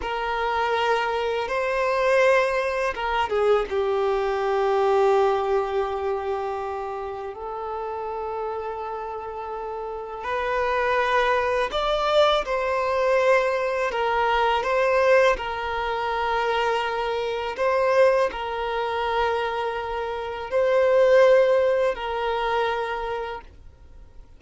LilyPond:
\new Staff \with { instrumentName = "violin" } { \time 4/4 \tempo 4 = 82 ais'2 c''2 | ais'8 gis'8 g'2.~ | g'2 a'2~ | a'2 b'2 |
d''4 c''2 ais'4 | c''4 ais'2. | c''4 ais'2. | c''2 ais'2 | }